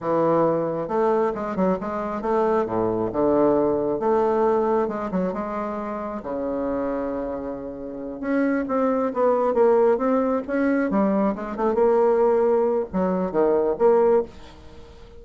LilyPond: \new Staff \with { instrumentName = "bassoon" } { \time 4/4 \tempo 4 = 135 e2 a4 gis8 fis8 | gis4 a4 a,4 d4~ | d4 a2 gis8 fis8 | gis2 cis2~ |
cis2~ cis8 cis'4 c'8~ | c'8 b4 ais4 c'4 cis'8~ | cis'8 g4 gis8 a8 ais4.~ | ais4 fis4 dis4 ais4 | }